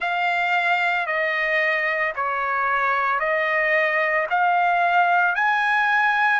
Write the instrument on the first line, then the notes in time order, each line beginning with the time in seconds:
trumpet
0.00 F5
1.06 D#5
2.15 C#5
3.19 D#5
4.30 F5
5.35 G#5